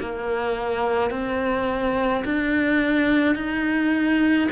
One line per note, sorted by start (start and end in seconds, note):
0.00 1.11 A#3
1.11 2.24 C4
2.25 3.36 D4
3.36 4.49 D#4